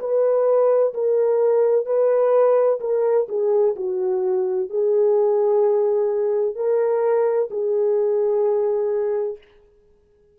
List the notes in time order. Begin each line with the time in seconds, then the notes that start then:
0.00 B4
0.94 A#4
1.86 B4
2.80 A#4
3.29 G#4
3.76 F#4
4.70 G#4
6.55 A#4
7.50 G#4